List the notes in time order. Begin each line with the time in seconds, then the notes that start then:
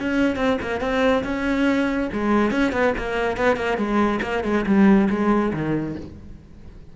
0.00 C#4
0.37 C4
0.62 A#3
0.81 C4
1.24 C#4
2.13 G#3
2.51 C#4
2.72 B3
2.98 A#3
3.37 B3
3.56 A#3
3.78 G#3
4.22 A#3
4.44 G#3
4.66 G3
5.10 G#3
5.53 D#3